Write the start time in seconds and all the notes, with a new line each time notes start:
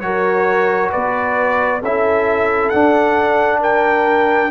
0.00 F#3 F#4 A#4 C#5
0.90 B3 B4 D5
1.81 C#4 E4 A4 E5
2.69 D4 F#5
3.60 A#4 G5